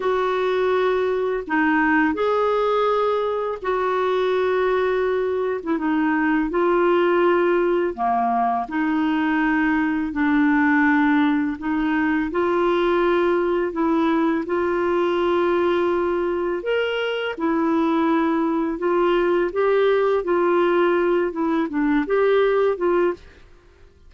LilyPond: \new Staff \with { instrumentName = "clarinet" } { \time 4/4 \tempo 4 = 83 fis'2 dis'4 gis'4~ | gis'4 fis'2~ fis'8. e'16 | dis'4 f'2 ais4 | dis'2 d'2 |
dis'4 f'2 e'4 | f'2. ais'4 | e'2 f'4 g'4 | f'4. e'8 d'8 g'4 f'8 | }